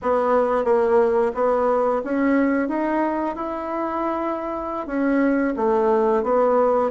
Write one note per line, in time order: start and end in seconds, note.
0.02 0.64 B3
0.64 1.31 A#3
1.34 2.01 B3
2.04 2.68 C#4
2.68 3.35 D#4
3.35 4.86 E4
4.86 5.54 C#4
5.56 6.23 A3
6.23 6.90 B3